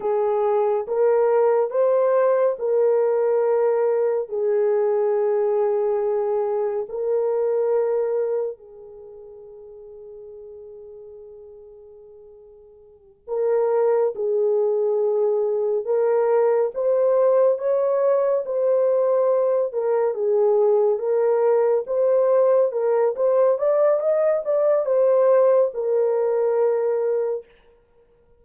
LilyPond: \new Staff \with { instrumentName = "horn" } { \time 4/4 \tempo 4 = 70 gis'4 ais'4 c''4 ais'4~ | ais'4 gis'2. | ais'2 gis'2~ | gis'2.~ gis'8 ais'8~ |
ais'8 gis'2 ais'4 c''8~ | c''8 cis''4 c''4. ais'8 gis'8~ | gis'8 ais'4 c''4 ais'8 c''8 d''8 | dis''8 d''8 c''4 ais'2 | }